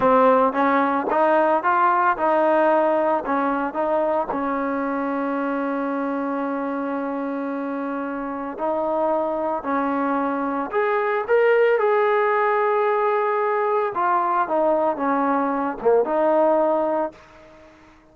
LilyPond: \new Staff \with { instrumentName = "trombone" } { \time 4/4 \tempo 4 = 112 c'4 cis'4 dis'4 f'4 | dis'2 cis'4 dis'4 | cis'1~ | cis'1 |
dis'2 cis'2 | gis'4 ais'4 gis'2~ | gis'2 f'4 dis'4 | cis'4. ais8 dis'2 | }